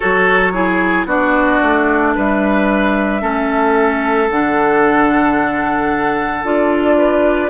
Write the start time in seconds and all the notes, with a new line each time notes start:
0.00 F#3 F#4 A4 C#5
0.53 E4 G#4
1.05 B3 D4 F#4 D5
1.62 A3
2.15 G3 B4 E5
3.21 A3 C#4 A4
4.29 D3 D4 F#5
6.43 D4 F4 D5
6.97 B4